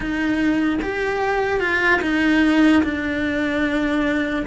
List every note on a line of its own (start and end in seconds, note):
0.00 0.79 D#4
0.81 1.60 G4
1.60 2.00 F4
2.01 2.82 D#4
2.83 4.45 D4